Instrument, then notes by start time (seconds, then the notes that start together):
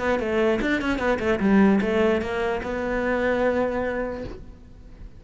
cello
0.00 B3
0.20 A3
0.62 D4
0.82 C#4
0.99 B3
1.20 A3
1.40 G3
1.81 A3
2.22 A#3
2.63 B3